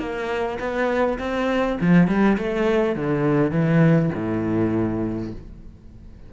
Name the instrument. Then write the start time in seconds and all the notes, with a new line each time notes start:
cello
0.00 A#3
0.60 B3
1.19 C4
1.81 F3
2.08 G3
2.38 A3
2.96 D3
3.51 E3
4.15 A2